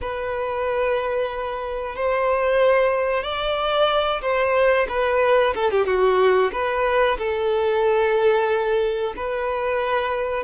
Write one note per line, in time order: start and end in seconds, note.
0.01 1.95 B4
1.95 3.23 C5
3.23 4.21 D5
4.21 4.86 C5
4.88 5.53 B4
5.54 5.71 A4
5.71 5.85 G4
5.85 6.51 F#4
6.52 7.17 B4
7.18 9.14 A4
9.16 10.43 B4